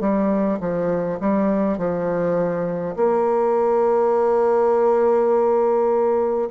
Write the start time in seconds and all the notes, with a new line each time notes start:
0.00 G3
0.60 F3
1.20 G3
1.78 F3
2.96 A#3